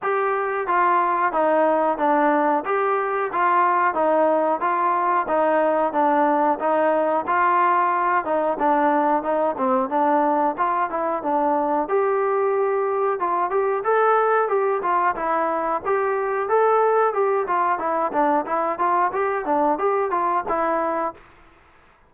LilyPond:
\new Staff \with { instrumentName = "trombone" } { \time 4/4 \tempo 4 = 91 g'4 f'4 dis'4 d'4 | g'4 f'4 dis'4 f'4 | dis'4 d'4 dis'4 f'4~ | f'8 dis'8 d'4 dis'8 c'8 d'4 |
f'8 e'8 d'4 g'2 | f'8 g'8 a'4 g'8 f'8 e'4 | g'4 a'4 g'8 f'8 e'8 d'8 | e'8 f'8 g'8 d'8 g'8 f'8 e'4 | }